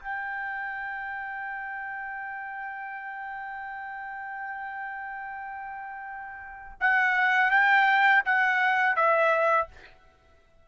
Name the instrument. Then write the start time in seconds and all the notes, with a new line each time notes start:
trumpet
0.00 G5
6.81 F#5
7.51 G5
8.25 F#5
8.96 E5